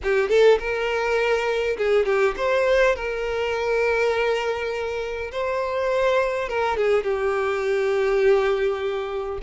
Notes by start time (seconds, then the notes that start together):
0.03 G4
0.29 A4
0.59 A#4
1.77 G#4
2.05 G4
2.36 C5
2.95 A#4
5.31 C5
6.49 A#4
6.76 G#4
7.03 G4